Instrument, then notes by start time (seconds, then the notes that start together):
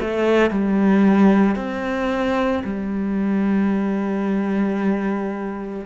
cello
0.00 A3
0.50 G3
1.55 C4
2.64 G3